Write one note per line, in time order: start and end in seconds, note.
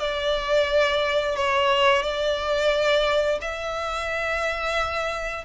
0.00 1.36 D5
1.36 2.03 C#5
2.03 3.39 D5
3.42 5.45 E5